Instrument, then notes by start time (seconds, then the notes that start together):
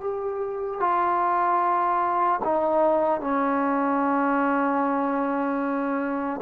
trombone
0.00 G4
0.80 F4
2.44 D#4
3.21 C#4